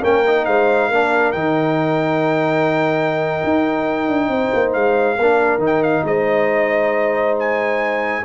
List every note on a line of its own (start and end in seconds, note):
0.00 0.47 A#3
0.00 0.25 C#4
0.00 0.44 A#4
0.00 0.46 G5
0.27 0.93 D#4
0.46 0.91 G#3
0.46 0.89 C5
0.46 1.32 F5
0.89 1.34 A#3
0.89 1.35 D4
0.89 4.28 A#4
1.32 3.42 D#3
1.32 5.18 D#4
1.32 4.72 G5
3.44 4.08 D#4
4.08 4.29 D4
4.29 4.51 C4
4.29 5.17 C5
4.54 4.75 A#3
4.73 5.19 G#3
4.73 5.61 F5
5.17 5.58 A#3
5.17 5.60 D4
5.17 6.05 A#4
5.58 6.02 D#3
5.58 8.23 D#4
5.66 5.83 G5
5.83 6.05 F5
6.04 8.23 G#3
6.04 8.25 C5
6.04 7.38 D#5
7.39 8.25 G#5